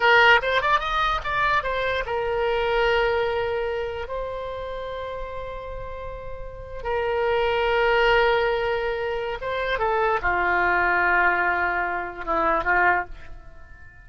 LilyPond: \new Staff \with { instrumentName = "oboe" } { \time 4/4 \tempo 4 = 147 ais'4 c''8 d''8 dis''4 d''4 | c''4 ais'2.~ | ais'2 c''2~ | c''1~ |
c''8. ais'2.~ ais'16~ | ais'2. c''4 | a'4 f'2.~ | f'2 e'4 f'4 | }